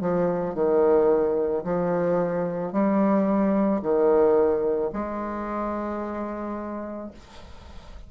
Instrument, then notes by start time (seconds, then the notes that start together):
bassoon
0.00 F3
0.55 D#3
1.64 F3
2.72 G3
3.82 D#3
4.92 G#3